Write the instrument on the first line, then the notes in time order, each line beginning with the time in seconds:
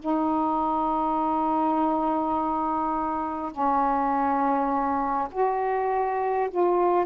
saxophone
0.00 D#4
3.51 C#4
5.32 F#4
6.50 F4